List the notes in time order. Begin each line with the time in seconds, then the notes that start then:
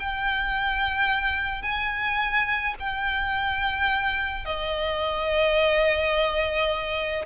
0.00 G5
1.63 G#5
2.80 G5
4.46 D#5